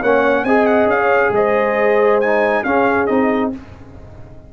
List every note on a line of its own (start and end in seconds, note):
0.00 0.44 A#3
0.00 0.47 C#4
0.00 0.44 C#5
0.00 0.45 F#5
0.44 0.86 C4
0.44 2.22 G#4
0.44 0.97 D#5
0.44 0.66 G#5
0.66 0.88 F#5
0.86 1.29 C#4
0.86 1.34 F5
0.97 1.30 C#5
1.30 2.62 G#3
1.30 2.65 C5
1.30 2.21 D#5
2.21 2.65 D#4
2.21 2.64 G#5
2.64 3.08 C#4
2.64 3.09 C#4
2.64 3.53 G#4
2.64 3.06 F5
3.06 3.53 C4
3.06 3.52 D#4
3.06 3.50 D#5